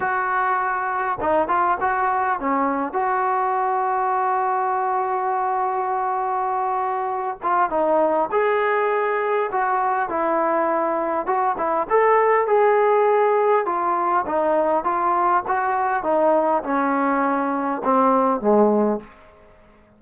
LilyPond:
\new Staff \with { instrumentName = "trombone" } { \time 4/4 \tempo 4 = 101 fis'2 dis'8 f'8 fis'4 | cis'4 fis'2.~ | fis'1~ | fis'8 f'8 dis'4 gis'2 |
fis'4 e'2 fis'8 e'8 | a'4 gis'2 f'4 | dis'4 f'4 fis'4 dis'4 | cis'2 c'4 gis4 | }